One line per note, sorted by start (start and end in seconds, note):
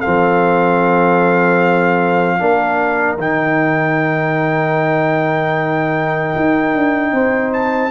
0.00 2.39 C4
0.00 2.37 A4
0.00 3.16 F5
0.06 2.40 F3
2.39 3.18 A#3
2.39 3.18 D4
2.39 7.13 A#4
3.18 6.34 D#3
3.18 7.91 D#4
3.18 7.53 G5
6.36 6.74 D#4
6.74 7.12 D4
7.12 7.91 C4
7.12 7.91 C5
7.53 7.91 A5